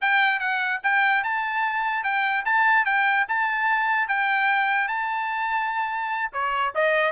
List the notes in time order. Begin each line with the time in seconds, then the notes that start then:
0.01 G5
0.39 F#5
0.83 G5
1.23 A5
2.03 G5
2.45 A5
2.85 G5
3.28 A5
4.08 G5
4.88 A5
6.33 C#5
6.74 D#5